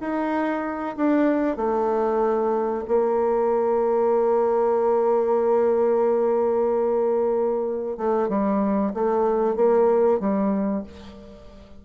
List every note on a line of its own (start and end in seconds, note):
0.00 0.96 D#4
0.96 1.56 D4
1.56 2.84 A3
2.88 7.97 A#3
7.97 8.28 A3
8.28 8.92 G3
8.94 9.56 A3
9.56 10.20 A#3
10.20 10.83 G3